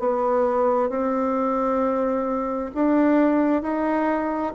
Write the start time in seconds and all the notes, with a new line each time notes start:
0.00 B3
0.90 C4
2.75 D4
3.63 D#4